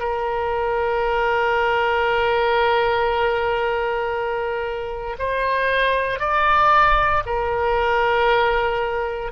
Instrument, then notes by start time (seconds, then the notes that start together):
oboe
0.00 A#4
5.19 C5
6.20 D5
7.26 A#4